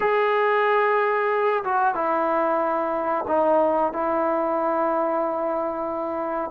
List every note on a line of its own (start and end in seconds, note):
0.00 1.63 G#4
1.63 1.94 F#4
1.94 3.25 E4
3.27 3.92 D#4
3.92 6.50 E4